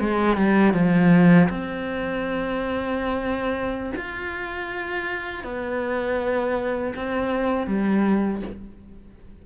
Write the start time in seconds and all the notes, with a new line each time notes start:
0.00 G#3
0.37 G3
0.74 F3
1.49 C4
3.96 F4
5.44 B3
6.95 C4
7.67 G3